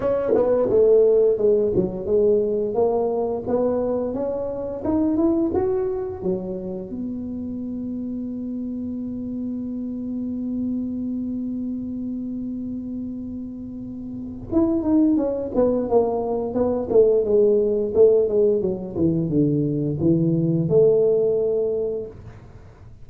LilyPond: \new Staff \with { instrumentName = "tuba" } { \time 4/4 \tempo 4 = 87 cis'8 b8 a4 gis8 fis8 gis4 | ais4 b4 cis'4 dis'8 e'8 | fis'4 fis4 b2~ | b1~ |
b1~ | b4 e'8 dis'8 cis'8 b8 ais4 | b8 a8 gis4 a8 gis8 fis8 e8 | d4 e4 a2 | }